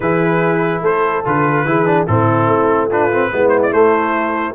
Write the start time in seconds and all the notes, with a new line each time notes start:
0.00 E3 E4 G#4 B4
0.81 A3 A4 C5
1.24 D3 F4 B4
1.65 E3 E4 G#4
1.86 D4
2.06 A2 C4 E4 A4
2.47 A3
2.88 D4 F4 B4
3.12 C4
3.31 G#3 B3 E4
3.48 C5
3.62 D5
3.72 A3 C5